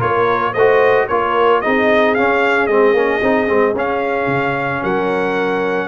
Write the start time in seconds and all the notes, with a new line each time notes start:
0.00 A#3 F4 A#4 C#5
0.53 A3 F#4 C5 D#5
1.08 A#3 F4 A#4 C#5
1.61 C4 D#4 G#4 D#5
2.15 C#4 F5
2.67 G#3 C4 D#5
2.93 A#3 C#4
3.22 C4 D#4
3.47 G#3 C4
3.74 C#4 F5
4.27 C#3
4.81 F#3 A#4 F#5